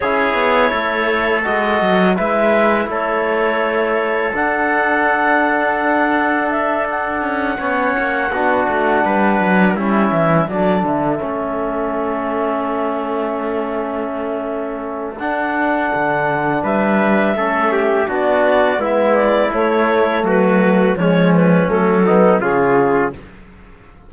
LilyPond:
<<
  \new Staff \with { instrumentName = "clarinet" } { \time 4/4 \tempo 4 = 83 cis''2 dis''4 e''4 | cis''2 fis''2~ | fis''4 e''8 fis''2~ fis''8~ | fis''4. e''4 d''8 e''4~ |
e''1~ | e''4 fis''2 e''4~ | e''4 d''4 e''8 d''8 cis''4 | b'4 cis''8 b'8 a'4 gis'4 | }
  \new Staff \with { instrumentName = "trumpet" } { \time 4/4 gis'4 a'2 b'4 | a'1~ | a'2~ a'8 cis''4 fis'8~ | fis'8 b'4 e'4 a'4.~ |
a'1~ | a'2. b'4 | a'8 g'8 fis'4 e'2 | fis'4 cis'4. dis'8 f'4 | }
  \new Staff \with { instrumentName = "trombone" } { \time 4/4 e'2 fis'4 e'4~ | e'2 d'2~ | d'2~ d'8 cis'4 d'8~ | d'4. cis'4 d'4 cis'8~ |
cis'1~ | cis'4 d'2. | cis'4 d'4 b4 a4~ | a4 gis4 a8 b8 cis'4 | }
  \new Staff \with { instrumentName = "cello" } { \time 4/4 cis'8 b8 a4 gis8 fis8 gis4 | a2 d'2~ | d'2 cis'8 b8 ais8 b8 | a8 g8 fis8 g8 e8 fis8 d8 a8~ |
a1~ | a4 d'4 d4 g4 | a4 b4 gis4 a4 | fis4 f4 fis4 cis4 | }
>>